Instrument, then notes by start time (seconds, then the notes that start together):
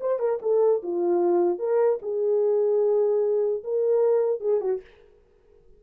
horn
0.00 C5
0.19 A#4
0.42 A4
0.82 F4
1.59 A#4
2.02 G#4
3.63 A#4
4.40 G#4
4.61 F#4